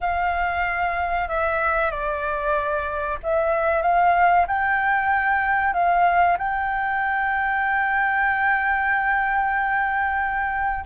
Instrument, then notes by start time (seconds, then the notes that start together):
flute
0.01 F5
1.28 E5
1.90 D5
3.23 E5
3.82 F5
4.47 G5
5.73 F5
6.38 G5